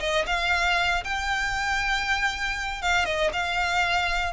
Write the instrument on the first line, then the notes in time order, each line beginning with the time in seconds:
violin
0.00 D#5
0.27 F5
1.05 G5
2.83 F5
3.06 D#5
3.33 F5